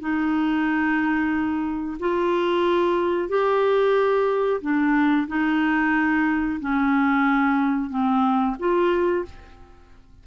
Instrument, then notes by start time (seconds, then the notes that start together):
clarinet
0.00 D#4
2.00 F4
3.29 G4
4.61 D4
5.27 D#4
6.60 C#4
7.90 C4
8.59 F4